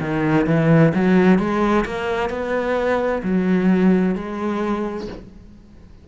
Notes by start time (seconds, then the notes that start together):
0.00 D#3
0.47 E3
0.94 F#3
1.39 G#3
1.85 A#3
2.30 B3
3.23 F#3
4.15 G#3